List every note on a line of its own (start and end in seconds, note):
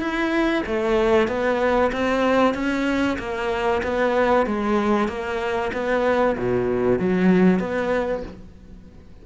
0.00 0.63 E4
0.66 1.28 A3
1.28 1.91 B3
1.92 2.54 C4
2.54 3.18 C#4
3.19 3.82 A#3
3.83 4.46 B3
4.46 5.08 G#3
5.08 5.71 A#3
5.73 6.36 B3
6.38 6.99 B2
6.99 7.59 F#3
7.59 8.22 B3